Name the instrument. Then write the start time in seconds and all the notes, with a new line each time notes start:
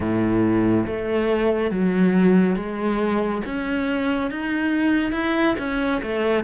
cello
0.00 A2
0.86 A3
1.70 F#3
2.56 G#3
3.45 C#4
4.31 D#4
5.12 E4
5.58 C#4
6.02 A3